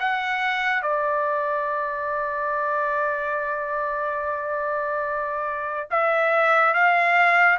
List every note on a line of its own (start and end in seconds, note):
0.00 0.83 F#5
0.83 5.90 D5
5.91 6.74 E5
6.74 7.59 F5